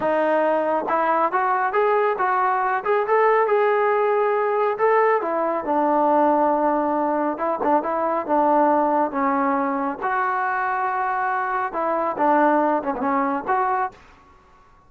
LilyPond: \new Staff \with { instrumentName = "trombone" } { \time 4/4 \tempo 4 = 138 dis'2 e'4 fis'4 | gis'4 fis'4. gis'8 a'4 | gis'2. a'4 | e'4 d'2.~ |
d'4 e'8 d'8 e'4 d'4~ | d'4 cis'2 fis'4~ | fis'2. e'4 | d'4. cis'16 b16 cis'4 fis'4 | }